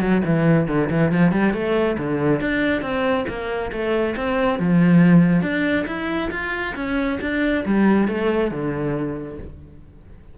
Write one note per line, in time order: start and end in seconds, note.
0.00 0.22 F#3
0.25 0.68 E3
0.68 0.90 D3
0.90 1.12 E3
1.12 1.32 F3
1.32 1.54 G3
1.54 1.97 A3
1.98 2.41 D3
2.41 2.82 D4
2.82 3.25 C4
3.28 3.72 A#3
3.72 4.16 A3
4.16 4.59 C4
4.59 5.42 F3
5.42 5.86 D4
5.87 6.30 E4
6.31 6.75 F4
6.75 7.19 C#4
7.21 7.65 D4
7.65 8.08 G3
8.08 8.51 A3
8.51 9.38 D3